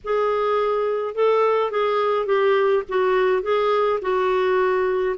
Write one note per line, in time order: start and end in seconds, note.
0.03 1.14 G#4
1.14 1.71 A4
1.71 2.26 G#4
2.26 2.83 G4
2.89 3.42 F#4
3.42 3.99 G#4
4.01 5.16 F#4